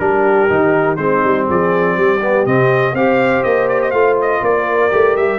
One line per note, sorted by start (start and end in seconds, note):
0.00 0.49 G3
0.00 0.49 D4
0.00 0.99 G4
0.00 0.97 A#4
0.50 0.98 D#3
0.50 0.98 D#4
0.97 1.22 G#3
0.97 2.21 C4
0.97 1.47 D#4
0.97 1.46 C5
1.24 1.49 G3
1.47 1.97 F3
1.47 1.96 G#4
1.47 2.46 D5
1.97 2.46 G3
1.97 2.95 G4
2.22 2.47 B3
2.46 2.94 C3
2.46 2.96 C4
2.46 2.96 D#5
2.94 3.43 C4
2.94 3.94 G4
2.94 4.44 C5
2.94 3.44 F5
3.44 3.93 A#3
3.44 3.68 D#5
3.69 3.81 D5
3.82 3.91 D#5
3.91 4.42 A3
3.91 4.91 F4
3.91 4.16 F5
4.21 4.44 D#5
4.42 4.91 A#3
4.42 5.39 A#4
4.42 5.17 D5
4.91 5.17 A3
4.91 5.39 G4
5.17 5.39 G3
5.17 5.39 E5